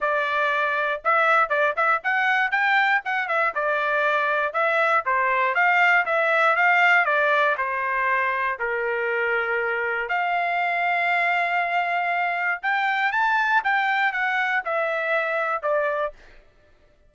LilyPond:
\new Staff \with { instrumentName = "trumpet" } { \time 4/4 \tempo 4 = 119 d''2 e''4 d''8 e''8 | fis''4 g''4 fis''8 e''8 d''4~ | d''4 e''4 c''4 f''4 | e''4 f''4 d''4 c''4~ |
c''4 ais'2. | f''1~ | f''4 g''4 a''4 g''4 | fis''4 e''2 d''4 | }